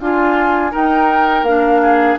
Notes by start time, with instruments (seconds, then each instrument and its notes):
0.00 bassoon D4, oboe F4, clarinet F4, flute G#5
0.71 clarinet D#4, bassoon D#4, oboe A#4, flute G5
1.43 bassoon A#3, clarinet D4, flute F5
1.82 oboe G#4